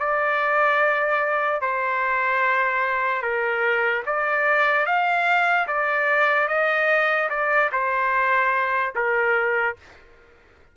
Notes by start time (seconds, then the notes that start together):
0.00 D5
1.61 C5
3.22 A#4
4.07 D5
4.86 F5
5.68 D5
6.49 D#5
7.30 D5
7.72 C5
8.96 A#4